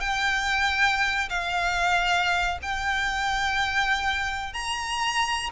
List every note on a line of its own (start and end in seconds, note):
0.00 1.29 G5
1.30 2.59 F5
2.62 4.53 G5
4.53 5.50 A#5